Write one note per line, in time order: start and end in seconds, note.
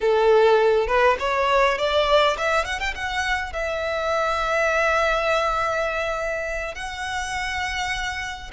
0.00 0.87 A4
0.87 1.16 B4
1.19 1.78 C#5
1.78 2.36 D5
2.37 2.64 E5
2.64 2.79 F#5
2.79 2.94 G5
2.94 3.52 F#5
3.52 6.75 E5
6.75 8.51 F#5